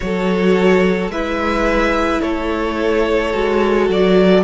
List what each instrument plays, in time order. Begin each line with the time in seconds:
0.00 cello F#3, viola F#4, violin A4 C#5
1.08 cello G#3, viola E4, violin B4 E5
2.21 cello A3, violin A4 C#5
3.33 cello G#3, viola F#4
3.89 cello F#3, violin D5